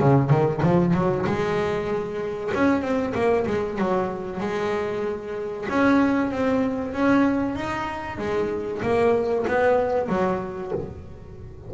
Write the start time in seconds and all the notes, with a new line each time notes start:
0.00 C#3
0.30 D#3
0.63 F3
0.94 F#3
1.26 G#3
2.55 C#4
2.82 C4
3.15 A#3
3.47 G#3
3.78 F#3
4.40 G#3
5.69 C#4
6.32 C4
6.94 C#4
7.55 D#4
8.18 G#3
8.82 A#3
9.48 B3
10.09 F#3